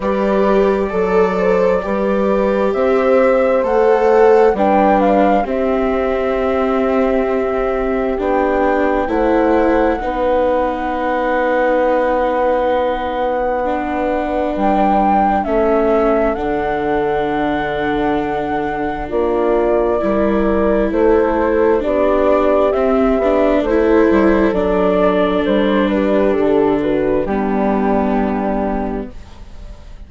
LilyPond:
<<
  \new Staff \with { instrumentName = "flute" } { \time 4/4 \tempo 4 = 66 d''2. e''4 | fis''4 g''8 f''8 e''2~ | e''4 g''4 fis''2~ | fis''1 |
g''4 e''4 fis''2~ | fis''4 d''2 c''4 | d''4 e''4 c''4 d''4 | c''8 b'8 a'8 b'8 g'2 | }
  \new Staff \with { instrumentName = "horn" } { \time 4/4 b'4 a'8 c''8 b'4 c''4~ | c''4 b'4 g'2~ | g'2 c''4 b'4~ | b'1~ |
b'4 a'2.~ | a'4 f'4 ais'4 a'4 | g'2 a'2~ | a'8 g'4 fis'8 d'2 | }
  \new Staff \with { instrumentName = "viola" } { \time 4/4 g'4 a'4 g'2 | a'4 d'4 c'2~ | c'4 d'4 e'4 dis'4~ | dis'2. d'4~ |
d'4 cis'4 d'2~ | d'2 e'2 | d'4 c'8 d'8 e'4 d'4~ | d'2 b2 | }
  \new Staff \with { instrumentName = "bassoon" } { \time 4/4 g4 fis4 g4 c'4 | a4 g4 c'2~ | c'4 b4 a4 b4~ | b1 |
g4 a4 d2~ | d4 ais4 g4 a4 | b4 c'8 b8 a8 g8 fis4 | g4 d4 g2 | }
>>